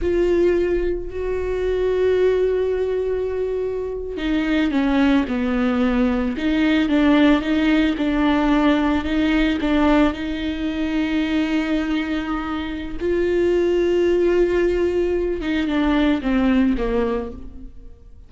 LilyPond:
\new Staff \with { instrumentName = "viola" } { \time 4/4 \tempo 4 = 111 f'2 fis'2~ | fis'2.~ fis'8. dis'16~ | dis'8. cis'4 b2 dis'16~ | dis'8. d'4 dis'4 d'4~ d'16~ |
d'8. dis'4 d'4 dis'4~ dis'16~ | dis'1 | f'1~ | f'8 dis'8 d'4 c'4 ais4 | }